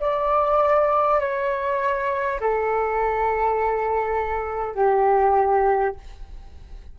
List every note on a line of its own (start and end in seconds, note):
0.00 1.20 D5
1.20 2.40 C#5
2.41 4.75 A4
4.75 5.95 G4